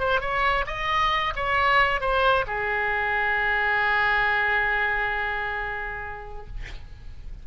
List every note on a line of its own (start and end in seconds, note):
0.00 0.21 C5
0.21 0.65 C#5
0.67 1.34 D#5
1.36 2.01 C#5
2.01 2.45 C5
2.47 6.47 G#4